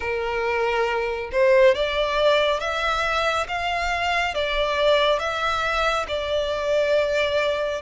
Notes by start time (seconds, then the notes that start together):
0.00 A#4
1.32 C5
1.74 D5
2.59 E5
3.48 F5
4.34 D5
5.19 E5
6.08 D5